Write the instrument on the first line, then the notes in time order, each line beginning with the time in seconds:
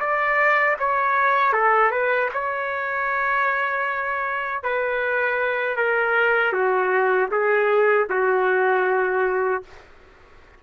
trumpet
0.00 D5
0.79 C#5
1.53 A4
1.91 B4
2.33 C#5
4.63 B4
5.77 A#4
6.53 F#4
7.31 G#4
8.09 F#4